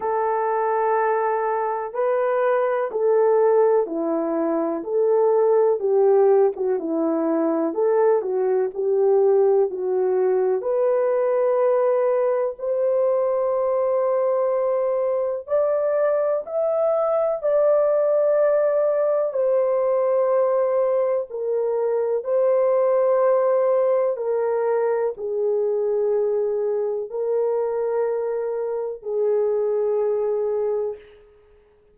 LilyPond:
\new Staff \with { instrumentName = "horn" } { \time 4/4 \tempo 4 = 62 a'2 b'4 a'4 | e'4 a'4 g'8. fis'16 e'4 | a'8 fis'8 g'4 fis'4 b'4~ | b'4 c''2. |
d''4 e''4 d''2 | c''2 ais'4 c''4~ | c''4 ais'4 gis'2 | ais'2 gis'2 | }